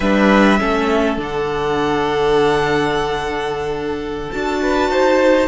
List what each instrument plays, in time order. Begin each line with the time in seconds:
0.00 cello G3, viola D4, violin B4 E5
0.59 cello A3, viola C#4, violin A4
1.17 cello D3, viola D4, violin F#5
4.31 cello D4, viola F#4, violin A5
4.62 violin B4
4.89 cello D#4, violin C5